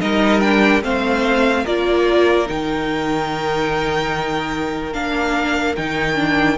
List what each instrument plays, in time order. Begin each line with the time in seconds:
0.00 cello G3, viola D#4, violin A#4 D#5
0.40 viola D4, violin G5
0.82 cello A3, viola C4, violin C5 F5
1.63 cello A#3, viola F4, violin A#4 D5
2.45 cello D#3, viola D#4, violin G5
4.92 cello A#3, viola D4, violin F5
5.76 cello D#3, viola D#4, violin G5
6.15 viola D4